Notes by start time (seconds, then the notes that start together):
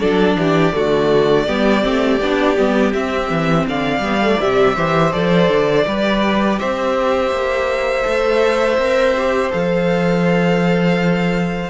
0.00 F#3 D4 A4 D5
0.36 E3 G4
0.73 D3 A3 F#4
1.47 G3 B3 G4
1.82 A3 C4
2.21 B3 D4
2.57 G3 B3
2.93 C4 E5
3.30 E3
3.68 D3 D5 F5
3.99 G3 B3
4.22 A3
4.41 C3 G3 E5
4.76 E3 G4 C5
5.13 F3 A4 D5
5.49 D3
5.87 G3 G4 B4
6.59 C4 C5 E5
7.32 A#3
8.04 A3 A4
8.78 C4 A#4
9.18 G4
9.51 F3 A4 F5